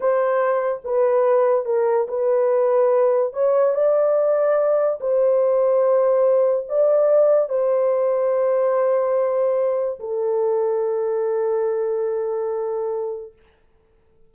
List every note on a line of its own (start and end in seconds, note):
0.00 0.81 C5
0.84 1.65 B4
1.65 2.06 A#4
2.08 3.33 B4
3.33 3.74 C#5
3.74 4.99 D5
5.00 6.67 C5
6.68 7.49 D5
7.49 9.99 C5
9.99 13.32 A4